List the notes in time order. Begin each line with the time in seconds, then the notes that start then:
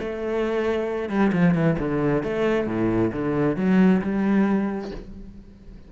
0.00 A3
1.10 G3
1.33 F3
1.55 E3
1.79 D3
2.24 A3
2.67 A2
3.13 D3
3.57 F#3
4.02 G3